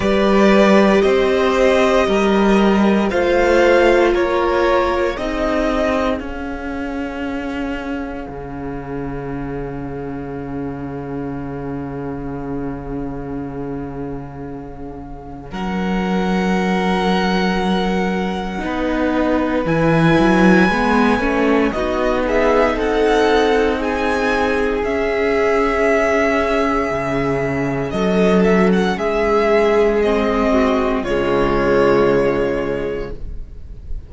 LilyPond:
<<
  \new Staff \with { instrumentName = "violin" } { \time 4/4 \tempo 4 = 58 d''4 dis''2 f''4 | cis''4 dis''4 f''2~ | f''1~ | f''2. fis''4~ |
fis''2. gis''4~ | gis''4 dis''8 e''8 fis''4 gis''4 | e''2. dis''8 e''16 fis''16 | e''4 dis''4 cis''2 | }
  \new Staff \with { instrumentName = "violin" } { \time 4/4 b'4 c''4 ais'4 c''4 | ais'4 gis'2.~ | gis'1~ | gis'2. ais'4~ |
ais'2 b'2~ | b'4 fis'8 gis'8 a'4 gis'4~ | gis'2. a'4 | gis'4. fis'8 f'2 | }
  \new Staff \with { instrumentName = "viola" } { \time 4/4 g'2. f'4~ | f'4 dis'4 cis'2~ | cis'1~ | cis'1~ |
cis'2 dis'4 e'4 | b8 cis'8 dis'2. | cis'1~ | cis'4 c'4 gis2 | }
  \new Staff \with { instrumentName = "cello" } { \time 4/4 g4 c'4 g4 a4 | ais4 c'4 cis'2 | cis1~ | cis2. fis4~ |
fis2 b4 e8 fis8 | gis8 a8 b4 c'2 | cis'2 cis4 fis4 | gis2 cis2 | }
>>